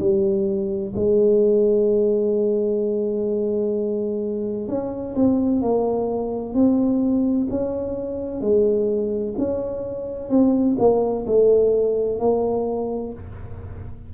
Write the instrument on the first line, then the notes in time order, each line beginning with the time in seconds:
tuba
0.00 G3
0.96 G#3
4.69 C#4
5.16 C4
5.62 A#3
6.54 C4
7.50 C#4
8.42 G#3
9.39 C#4
10.30 C4
10.79 A#3
11.27 A3
12.20 A#3